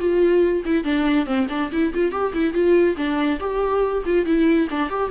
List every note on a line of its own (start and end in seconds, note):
0.00 0.64 F4
0.66 0.84 E4
0.84 1.26 D4
1.26 1.48 C4
1.50 1.71 D4
1.72 1.94 E4
1.94 2.12 F4
2.12 2.33 G4
2.34 2.54 E4
2.54 2.96 F4
2.97 3.39 D4
3.40 4.04 G4
4.06 4.26 F4
4.26 4.68 E4
4.70 4.90 D4
4.90 5.11 G4